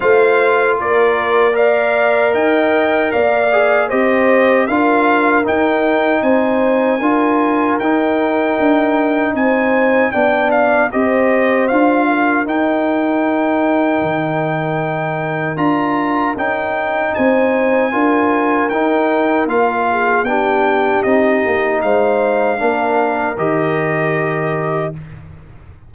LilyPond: <<
  \new Staff \with { instrumentName = "trumpet" } { \time 4/4 \tempo 4 = 77 f''4 d''4 f''4 g''4 | f''4 dis''4 f''4 g''4 | gis''2 g''2 | gis''4 g''8 f''8 dis''4 f''4 |
g''1 | ais''4 g''4 gis''2 | g''4 f''4 g''4 dis''4 | f''2 dis''2 | }
  \new Staff \with { instrumentName = "horn" } { \time 4/4 c''4 ais'4 d''4 dis''4 | d''4 c''4 ais'2 | c''4 ais'2. | c''4 d''4 c''4. ais'8~ |
ais'1~ | ais'2 c''4 ais'4~ | ais'4. gis'8 g'2 | c''4 ais'2. | }
  \new Staff \with { instrumentName = "trombone" } { \time 4/4 f'2 ais'2~ | ais'8 gis'8 g'4 f'4 dis'4~ | dis'4 f'4 dis'2~ | dis'4 d'4 g'4 f'4 |
dis'1 | f'4 dis'2 f'4 | dis'4 f'4 d'4 dis'4~ | dis'4 d'4 g'2 | }
  \new Staff \with { instrumentName = "tuba" } { \time 4/4 a4 ais2 dis'4 | ais4 c'4 d'4 dis'4 | c'4 d'4 dis'4 d'4 | c'4 b4 c'4 d'4 |
dis'2 dis2 | d'4 cis'4 c'4 d'4 | dis'4 ais4 b4 c'8 ais8 | gis4 ais4 dis2 | }
>>